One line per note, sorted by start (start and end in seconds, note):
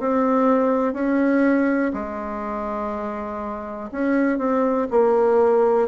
0.00 0.94 C4
0.94 1.92 C#4
1.94 3.90 G#3
3.92 4.39 C#4
4.39 4.88 C4
4.91 5.88 A#3